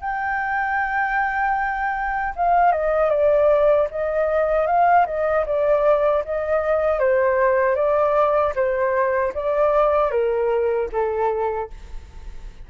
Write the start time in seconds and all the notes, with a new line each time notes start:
0.00 G5
2.36 F5
2.72 D#5
3.10 D5
3.90 D#5
4.66 F5
5.06 D#5
5.45 D5
6.24 D#5
6.99 C5
7.75 D5
8.55 C5
9.34 D5
10.11 A#4
10.92 A4